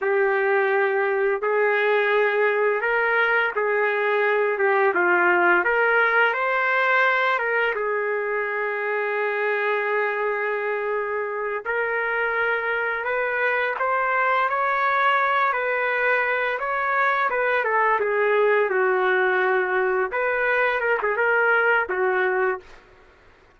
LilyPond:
\new Staff \with { instrumentName = "trumpet" } { \time 4/4 \tempo 4 = 85 g'2 gis'2 | ais'4 gis'4. g'8 f'4 | ais'4 c''4. ais'8 gis'4~ | gis'1~ |
gis'8 ais'2 b'4 c''8~ | c''8 cis''4. b'4. cis''8~ | cis''8 b'8 a'8 gis'4 fis'4.~ | fis'8 b'4 ais'16 gis'16 ais'4 fis'4 | }